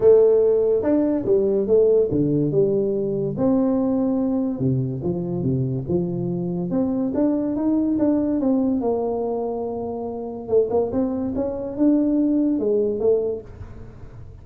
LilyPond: \new Staff \with { instrumentName = "tuba" } { \time 4/4 \tempo 4 = 143 a2 d'4 g4 | a4 d4 g2 | c'2. c4 | f4 c4 f2 |
c'4 d'4 dis'4 d'4 | c'4 ais2.~ | ais4 a8 ais8 c'4 cis'4 | d'2 gis4 a4 | }